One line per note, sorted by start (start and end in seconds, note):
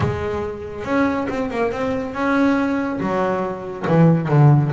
0.00 0.84 G#3
0.84 1.27 C#4
1.29 1.50 C4
1.50 1.71 A#3
1.72 2.14 C4
2.14 2.99 C#4
3.00 3.86 F#3
3.87 4.29 E3
4.29 4.71 D3